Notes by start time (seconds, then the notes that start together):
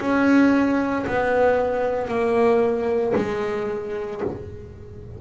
0.00 C#4
1.07 B3
2.08 A#3
3.16 G#3